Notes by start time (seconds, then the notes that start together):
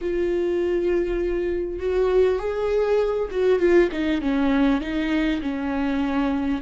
0.01 F4
1.79 F#4
2.38 G#4
3.31 F#4
3.59 F4
3.91 D#4
4.21 C#4
4.81 D#4
5.41 C#4